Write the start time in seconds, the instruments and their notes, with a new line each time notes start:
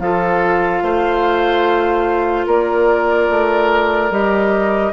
0.00 bassoon F3, clarinet F4, oboe A4, flute F5
0.83 bassoon A3, oboe C5
2.47 bassoon A#3, oboe A#4, flute D5
3.30 bassoon A3
4.11 bassoon G3, clarinet G4, flute D#5